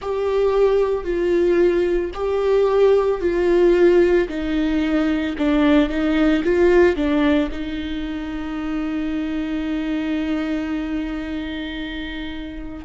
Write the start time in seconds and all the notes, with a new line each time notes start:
0.01 G4
1.04 F4
2.14 G4
3.20 F4
4.28 D#4
5.38 D4
5.89 D#4
6.43 F4
6.95 D4
7.51 D#4